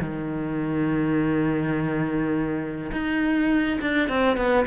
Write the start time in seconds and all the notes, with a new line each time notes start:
0.00 D#3
2.92 D#4
3.81 D4
4.09 C4
4.37 B3